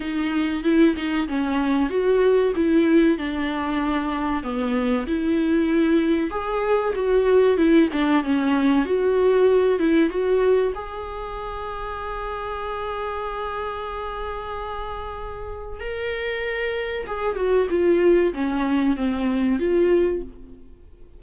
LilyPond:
\new Staff \with { instrumentName = "viola" } { \time 4/4 \tempo 4 = 95 dis'4 e'8 dis'8 cis'4 fis'4 | e'4 d'2 b4 | e'2 gis'4 fis'4 | e'8 d'8 cis'4 fis'4. e'8 |
fis'4 gis'2.~ | gis'1~ | gis'4 ais'2 gis'8 fis'8 | f'4 cis'4 c'4 f'4 | }